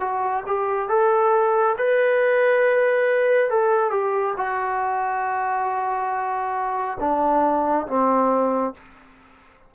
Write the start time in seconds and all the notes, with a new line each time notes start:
0.00 F#4
0.47 G4
0.89 A4
1.77 B4
3.50 A4
3.91 G4
4.37 F#4
7.00 D4
7.87 C4